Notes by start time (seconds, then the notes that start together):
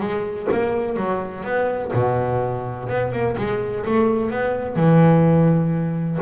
0.00 G#3
0.52 A#3
0.96 F#3
1.44 B3
1.93 B2
2.89 B3
3.12 A#3
3.37 G#3
3.85 A3
4.31 B3
4.76 E3